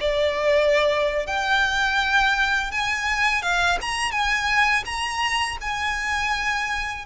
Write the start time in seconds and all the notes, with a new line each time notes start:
0.00 D5
1.27 G5
2.71 G#5
3.42 F5
3.81 A#5
4.11 G#5
4.85 A#5
5.61 G#5